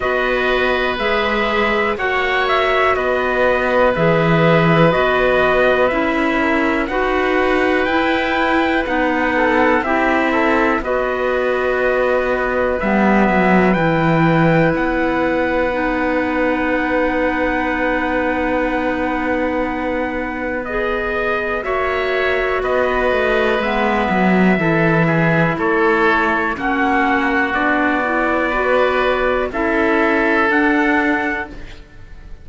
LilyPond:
<<
  \new Staff \with { instrumentName = "trumpet" } { \time 4/4 \tempo 4 = 61 dis''4 e''4 fis''8 e''8 dis''4 | e''4 dis''4 e''4 fis''4 | g''4 fis''4 e''4 dis''4~ | dis''4 e''4 g''4 fis''4~ |
fis''1~ | fis''4 dis''4 e''4 dis''4 | e''2 cis''4 fis''4 | d''2 e''4 fis''4 | }
  \new Staff \with { instrumentName = "oboe" } { \time 4/4 b'2 cis''4 b'4~ | b'2~ b'8 ais'8 b'4~ | b'4. a'8 g'8 a'8 b'4~ | b'1~ |
b'1~ | b'2 cis''4 b'4~ | b'4 a'8 gis'8 a'4 fis'4~ | fis'4 b'4 a'2 | }
  \new Staff \with { instrumentName = "clarinet" } { \time 4/4 fis'4 gis'4 fis'2 | gis'4 fis'4 e'4 fis'4 | e'4 dis'4 e'4 fis'4~ | fis'4 b4 e'2 |
dis'1~ | dis'4 gis'4 fis'2 | b4 e'2 cis'4 | d'8 e'8 fis'4 e'4 d'4 | }
  \new Staff \with { instrumentName = "cello" } { \time 4/4 b4 gis4 ais4 b4 | e4 b4 cis'4 dis'4 | e'4 b4 c'4 b4~ | b4 g8 fis8 e4 b4~ |
b1~ | b2 ais4 b8 a8 | gis8 fis8 e4 a4 ais4 | b2 cis'4 d'4 | }
>>